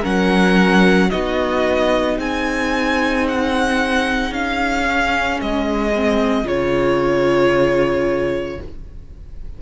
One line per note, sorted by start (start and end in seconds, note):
0.00 1.11 F#3
0.00 1.09 C#4
0.00 1.07 A#4
0.00 1.10 F#5
1.10 2.18 B3
1.10 4.82 D#4
1.10 2.18 F#4
1.10 2.17 D#5
2.18 4.31 C4
2.18 8.61 G#4
2.18 3.27 G#5
3.28 4.33 F#5
4.31 5.38 C#4
4.31 5.40 F5
4.82 5.90 C#4
5.41 6.43 G#3
5.41 6.47 D#5
5.95 6.44 C4
6.43 8.58 C#3
6.43 8.58 F4
6.43 8.62 C#5